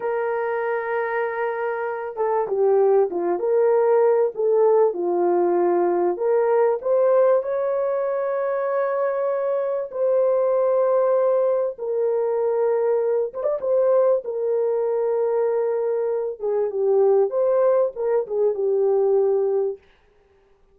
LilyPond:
\new Staff \with { instrumentName = "horn" } { \time 4/4 \tempo 4 = 97 ais'2.~ ais'8 a'8 | g'4 f'8 ais'4. a'4 | f'2 ais'4 c''4 | cis''1 |
c''2. ais'4~ | ais'4. c''16 d''16 c''4 ais'4~ | ais'2~ ais'8 gis'8 g'4 | c''4 ais'8 gis'8 g'2 | }